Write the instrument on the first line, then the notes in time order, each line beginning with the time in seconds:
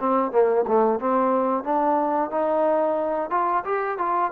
trombone
0.00 C4
0.32 A#3
0.67 A3
1.00 C4
1.64 D4
2.31 D#4
3.30 F4
3.65 G4
3.98 F4